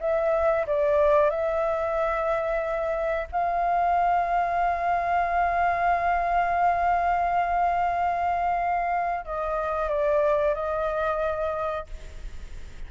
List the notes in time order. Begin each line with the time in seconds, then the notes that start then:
0.00 E5
0.67 D5
1.30 E5
3.32 F5
9.25 D#5
9.89 D5
10.54 D#5